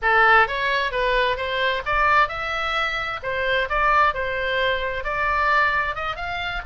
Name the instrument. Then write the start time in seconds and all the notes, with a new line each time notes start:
oboe
0.01 A4
0.47 C#5
0.91 B4
1.36 C5
1.85 D5
2.28 E5
3.22 C5
3.69 D5
4.13 C5
5.04 D5
5.95 D#5
6.16 F5